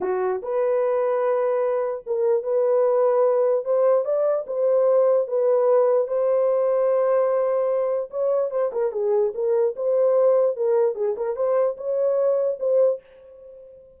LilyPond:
\new Staff \with { instrumentName = "horn" } { \time 4/4 \tempo 4 = 148 fis'4 b'2.~ | b'4 ais'4 b'2~ | b'4 c''4 d''4 c''4~ | c''4 b'2 c''4~ |
c''1 | cis''4 c''8 ais'8 gis'4 ais'4 | c''2 ais'4 gis'8 ais'8 | c''4 cis''2 c''4 | }